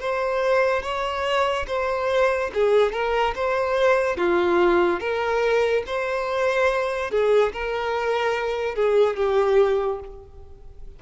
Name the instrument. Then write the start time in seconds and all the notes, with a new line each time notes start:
violin
0.00 C5
0.82 C#5
1.67 C5
2.54 G#4
2.92 A#4
3.35 C5
4.17 F4
5.00 A#4
5.86 C5
7.11 G#4
7.53 A#4
8.75 G#4
9.16 G4